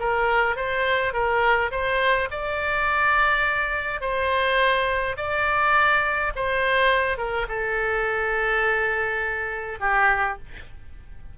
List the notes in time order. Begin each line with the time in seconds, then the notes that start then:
0.00 A#4
0.56 C5
1.14 A#4
1.72 C5
2.31 D5
4.01 C5
5.17 D5
6.36 C5
7.18 A#4
7.49 A4
9.81 G4